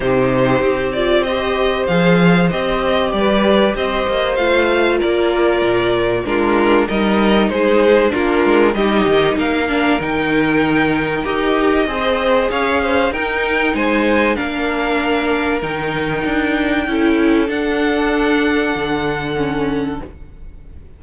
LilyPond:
<<
  \new Staff \with { instrumentName = "violin" } { \time 4/4 \tempo 4 = 96 c''4. d''8 dis''4 f''4 | dis''4 d''4 dis''4 f''4 | d''2 ais'4 dis''4 | c''4 ais'4 dis''4 f''4 |
g''2 dis''2 | f''4 g''4 gis''4 f''4~ | f''4 g''2. | fis''1 | }
  \new Staff \with { instrumentName = "violin" } { \time 4/4 g'2 c''2~ | c''4 b'4 c''2 | ais'2 f'4 ais'4 | gis'4 f'4 g'4 ais'4~ |
ais'2. c''4 | cis''8 c''8 ais'4 c''4 ais'4~ | ais'2. a'4~ | a'1 | }
  \new Staff \with { instrumentName = "viola" } { \time 4/4 dis'4. f'8 g'4 gis'4 | g'2. f'4~ | f'2 d'4 dis'4~ | dis'4 d'4 dis'4. d'8 |
dis'2 g'4 gis'4~ | gis'4 dis'2 d'4~ | d'4 dis'2 e'4 | d'2. cis'4 | }
  \new Staff \with { instrumentName = "cello" } { \time 4/4 c4 c'2 f4 | c'4 g4 c'8 ais8 a4 | ais4 ais,4 gis4 g4 | gis4 ais8 gis8 g8 dis8 ais4 |
dis2 dis'4 c'4 | cis'4 dis'4 gis4 ais4~ | ais4 dis4 d'4 cis'4 | d'2 d2 | }
>>